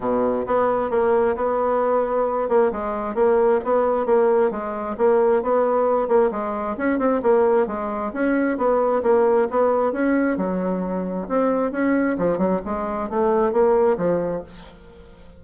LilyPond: \new Staff \with { instrumentName = "bassoon" } { \time 4/4 \tempo 4 = 133 b,4 b4 ais4 b4~ | b4. ais8 gis4 ais4 | b4 ais4 gis4 ais4 | b4. ais8 gis4 cis'8 c'8 |
ais4 gis4 cis'4 b4 | ais4 b4 cis'4 fis4~ | fis4 c'4 cis'4 f8 fis8 | gis4 a4 ais4 f4 | }